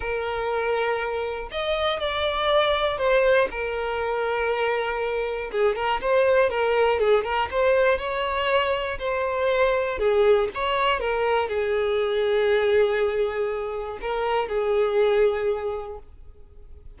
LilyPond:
\new Staff \with { instrumentName = "violin" } { \time 4/4 \tempo 4 = 120 ais'2. dis''4 | d''2 c''4 ais'4~ | ais'2. gis'8 ais'8 | c''4 ais'4 gis'8 ais'8 c''4 |
cis''2 c''2 | gis'4 cis''4 ais'4 gis'4~ | gis'1 | ais'4 gis'2. | }